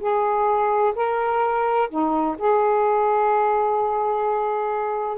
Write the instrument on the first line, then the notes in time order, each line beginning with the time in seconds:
saxophone
0.00 G#4
0.95 A#4
1.90 D#4
2.39 G#4